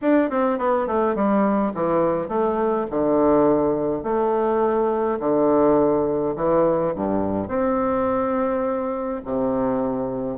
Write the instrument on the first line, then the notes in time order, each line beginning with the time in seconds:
bassoon
0.01 D4
0.30 C4
0.58 B3
0.87 A3
1.15 G3
1.74 E3
2.28 A3
2.90 D3
4.03 A3
5.19 D3
6.35 E3
6.95 G2
7.48 C4
9.25 C3